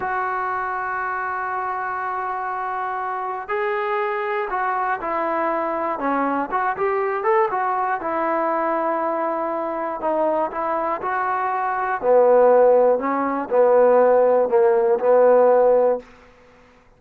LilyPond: \new Staff \with { instrumentName = "trombone" } { \time 4/4 \tempo 4 = 120 fis'1~ | fis'2. gis'4~ | gis'4 fis'4 e'2 | cis'4 fis'8 g'4 a'8 fis'4 |
e'1 | dis'4 e'4 fis'2 | b2 cis'4 b4~ | b4 ais4 b2 | }